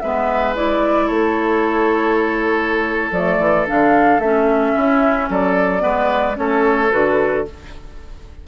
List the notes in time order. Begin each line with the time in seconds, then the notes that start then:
0.00 G#3 B3 B4 E5
0.55 E4 D5
1.06 A3 A4 C#5
3.11 F3 A3 D5
3.38 E3
3.66 D3 D4 F5
4.18 A3 C#4 E5
4.75 C#4 E4
5.29 F#3 A4 D5
5.79 G#3 B3 B4
6.34 A3 C#4 A4 C#5
6.91 D3 F#4 B4